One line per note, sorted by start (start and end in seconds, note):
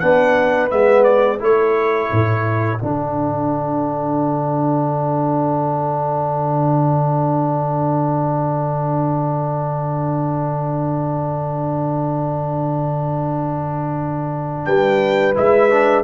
0.00 0.72 B3
0.00 0.70 D4
0.00 1.40 B4
0.00 0.70 F#5
0.70 1.41 G#3
0.70 1.39 B3
0.70 1.04 E5
1.04 1.39 D5
1.39 2.11 A3
1.39 2.79 E4
1.39 14.65 A4
1.39 2.82 C#5
2.12 2.82 A2
2.79 14.67 D3
2.79 15.35 D4
2.79 14.65 F#5
14.65 15.37 G3
14.65 16.04 B4
14.65 15.35 G5
15.35 16.04 G#3
15.35 15.70 E4
15.35 16.04 E5
15.70 16.04 D4